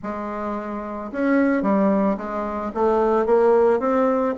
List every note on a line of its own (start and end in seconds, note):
0.02 1.11 G#3
1.12 1.62 C#4
1.62 2.16 G3
2.17 2.71 G#3
2.74 3.26 A3
3.26 3.79 A#3
3.79 4.34 C4